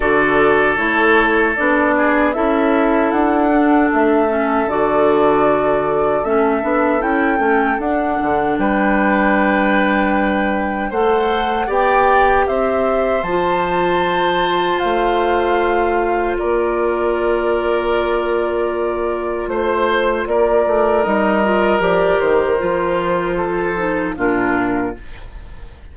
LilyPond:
<<
  \new Staff \with { instrumentName = "flute" } { \time 4/4 \tempo 4 = 77 d''4 cis''4 d''4 e''4 | fis''4 e''4 d''2 | e''4 g''4 fis''4 g''4~ | g''2 fis''4 g''4 |
e''4 a''2 f''4~ | f''4 d''2.~ | d''4 c''4 d''4 dis''4 | d''8 c''2~ c''8 ais'4 | }
  \new Staff \with { instrumentName = "oboe" } { \time 4/4 a'2~ a'8 gis'8 a'4~ | a'1~ | a'2. b'4~ | b'2 c''4 d''4 |
c''1~ | c''4 ais'2.~ | ais'4 c''4 ais'2~ | ais'2 a'4 f'4 | }
  \new Staff \with { instrumentName = "clarinet" } { \time 4/4 fis'4 e'4 d'4 e'4~ | e'8 d'4 cis'8 fis'2 | cis'8 d'8 e'8 cis'8 d'2~ | d'2 a'4 g'4~ |
g'4 f'2.~ | f'1~ | f'2. dis'8 f'8 | g'4 f'4. dis'8 d'4 | }
  \new Staff \with { instrumentName = "bassoon" } { \time 4/4 d4 a4 b4 cis'4 | d'4 a4 d2 | a8 b8 cis'8 a8 d'8 d8 g4~ | g2 a4 b4 |
c'4 f2 a4~ | a4 ais2.~ | ais4 a4 ais8 a8 g4 | f8 dis8 f2 ais,4 | }
>>